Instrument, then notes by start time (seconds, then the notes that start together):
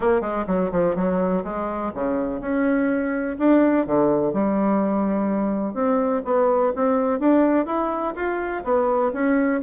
bassoon
0.00 A#3
0.21 G#3
0.46 F#3
0.71 F3
0.95 F#3
1.44 G#3
1.94 C#3
2.40 C#4
3.38 D4
3.86 D3
4.33 G3
5.74 C4
6.24 B3
6.75 C4
7.19 D4
7.65 E4
8.15 F4
8.64 B3
9.13 C#4